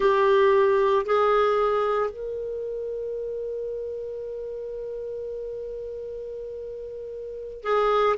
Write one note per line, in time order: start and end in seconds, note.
0.00 1.05 G4
1.05 2.10 G#4
2.10 7.63 A#4
7.63 8.16 G#4